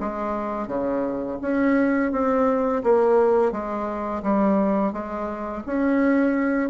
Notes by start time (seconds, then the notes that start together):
0.00 G#3
0.67 C#3
1.41 C#4
2.11 C4
2.83 A#3
3.51 G#3
4.23 G3
4.92 G#3
5.66 C#4